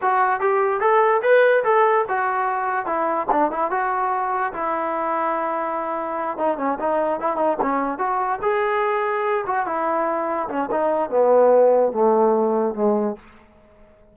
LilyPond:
\new Staff \with { instrumentName = "trombone" } { \time 4/4 \tempo 4 = 146 fis'4 g'4 a'4 b'4 | a'4 fis'2 e'4 | d'8 e'8 fis'2 e'4~ | e'2.~ e'8 dis'8 |
cis'8 dis'4 e'8 dis'8 cis'4 fis'8~ | fis'8 gis'2~ gis'8 fis'8 e'8~ | e'4. cis'8 dis'4 b4~ | b4 a2 gis4 | }